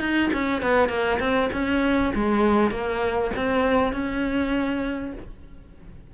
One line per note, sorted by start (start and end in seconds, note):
0.00 0.30 D#4
0.34 0.62 C#4
0.62 0.89 B3
0.89 1.19 A#3
1.20 1.50 C4
1.53 2.13 C#4
2.15 2.71 G#3
2.71 3.31 A#3
3.36 3.93 C4
3.93 5.13 C#4